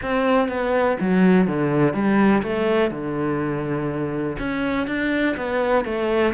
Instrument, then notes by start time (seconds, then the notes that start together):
cello
0.02 C4
0.48 B3
1.00 F#3
1.47 D3
1.93 G3
2.43 A3
2.90 D3
4.38 C#4
4.87 D4
5.36 B3
5.84 A3